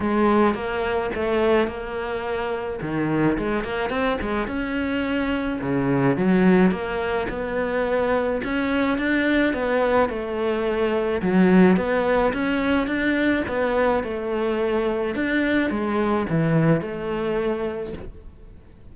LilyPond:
\new Staff \with { instrumentName = "cello" } { \time 4/4 \tempo 4 = 107 gis4 ais4 a4 ais4~ | ais4 dis4 gis8 ais8 c'8 gis8 | cis'2 cis4 fis4 | ais4 b2 cis'4 |
d'4 b4 a2 | fis4 b4 cis'4 d'4 | b4 a2 d'4 | gis4 e4 a2 | }